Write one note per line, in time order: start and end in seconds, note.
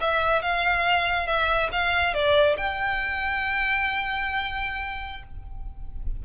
0.00 0.42 E5
0.42 1.27 F5
1.27 1.69 E5
1.72 2.14 F5
2.14 2.56 D5
2.57 5.23 G5